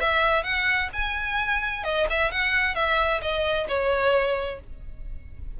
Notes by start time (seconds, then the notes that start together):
0.00 E5
0.43 F#5
0.93 G#5
1.83 D#5
2.10 E5
2.31 F#5
2.75 E5
3.21 D#5
3.68 C#5